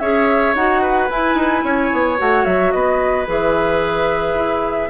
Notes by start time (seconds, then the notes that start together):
0.00 C#4 G#4 C#5 E5
0.55 D#4 F#4 F#5
0.82 B4
1.10 E4 G#5
1.35 D#4
1.64 C#4 C#5
1.93 B3
2.18 A3 F#4 F#5
2.45 F#3 E5
2.72 B3 B4 D#5
3.27 E3 G#4 E5
4.35 E4